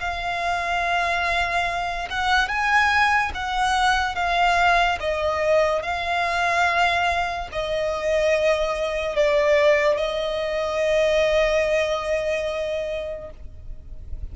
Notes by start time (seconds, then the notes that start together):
0.00 F5
2.10 F#5
2.48 G#5
3.35 F#5
4.16 F5
5.00 D#5
5.83 F5
7.52 D#5
9.16 D5
9.97 D#5